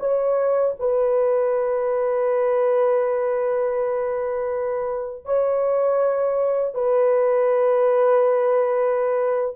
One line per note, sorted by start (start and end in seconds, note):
0.00 0.75 C#5
0.79 5.25 B4
5.25 6.74 C#5
6.74 9.56 B4